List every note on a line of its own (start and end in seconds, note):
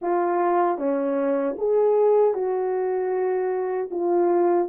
0.01 0.78 F4
0.78 1.56 C#4
1.58 2.33 G#4
2.33 3.89 F#4
3.90 4.68 F4